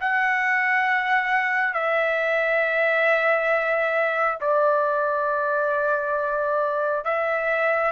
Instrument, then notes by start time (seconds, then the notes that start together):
trumpet
0.00 F#5
1.74 E5
4.40 D5
7.05 E5